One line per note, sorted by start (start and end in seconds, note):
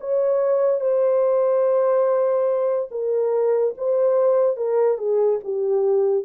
0.00 0.80 C#5
0.80 2.89 C5
2.91 3.74 A#4
3.77 4.56 C5
4.56 4.98 A#4
4.98 5.39 G#4
5.44 6.24 G4